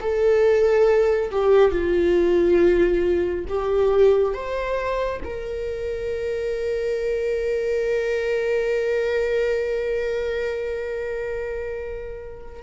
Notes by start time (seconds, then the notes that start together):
0.00 A4
1.31 G4
1.71 F4
3.48 G4
4.33 C5
5.24 A#4